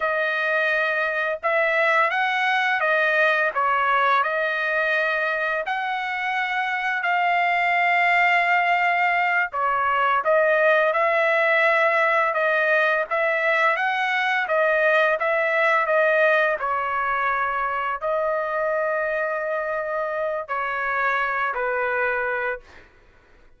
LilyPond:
\new Staff \with { instrumentName = "trumpet" } { \time 4/4 \tempo 4 = 85 dis''2 e''4 fis''4 | dis''4 cis''4 dis''2 | fis''2 f''2~ | f''4. cis''4 dis''4 e''8~ |
e''4. dis''4 e''4 fis''8~ | fis''8 dis''4 e''4 dis''4 cis''8~ | cis''4. dis''2~ dis''8~ | dis''4 cis''4. b'4. | }